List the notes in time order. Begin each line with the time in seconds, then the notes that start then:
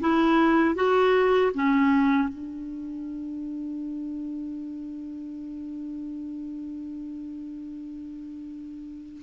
0.00 E4
0.75 F#4
1.54 C#4
2.28 D4